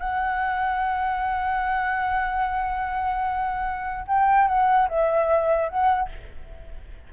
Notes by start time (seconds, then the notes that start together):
0.00 F#5
4.08 G5
4.48 F#5
4.89 E5
5.69 F#5